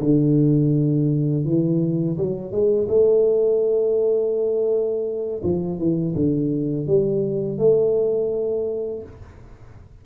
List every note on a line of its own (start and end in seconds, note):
0.00 1.45 D3
1.45 2.17 E3
2.18 2.52 F#3
2.52 2.88 G#3
2.89 5.42 A3
5.44 5.79 F3
5.79 6.15 E3
6.16 6.87 D3
6.87 7.58 G3
7.58 9.03 A3